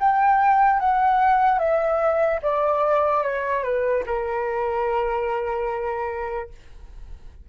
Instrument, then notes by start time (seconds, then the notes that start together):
flute
0.00 G5
0.79 F#5
1.59 E5
2.42 D5
3.23 C#5
3.63 B4
4.06 A#4